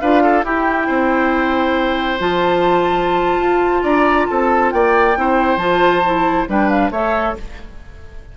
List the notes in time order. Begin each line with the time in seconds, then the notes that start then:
0.00 D4 F4 B4 F5
0.23 A4
0.44 E4 G4 G5
0.87 C4 C5
2.19 F3 F4 A5
3.39 F4
3.83 D4 D5 A#5
4.26 C4 A4 A5
4.71 A#3 D5 G5
5.16 C4 E4 C5
5.56 F3 F4 A5
6.05 E4
6.48 G3 D4 B4 G5
6.69 F5
6.90 A3 A4 C#5 E5